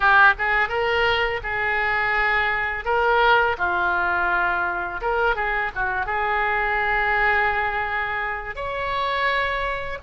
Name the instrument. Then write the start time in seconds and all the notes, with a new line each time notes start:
oboe
0.00 G4
0.38 G#4
0.69 A#4
1.43 G#4
2.84 A#4
3.57 F4
5.01 A#4
5.35 G#4
5.75 F#4
6.06 G#4
8.55 C#5